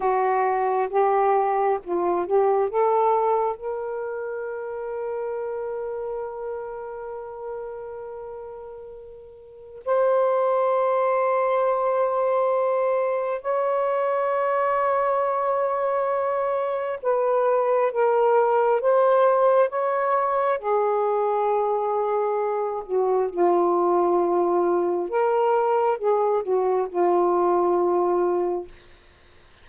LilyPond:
\new Staff \with { instrumentName = "saxophone" } { \time 4/4 \tempo 4 = 67 fis'4 g'4 f'8 g'8 a'4 | ais'1~ | ais'2. c''4~ | c''2. cis''4~ |
cis''2. b'4 | ais'4 c''4 cis''4 gis'4~ | gis'4. fis'8 f'2 | ais'4 gis'8 fis'8 f'2 | }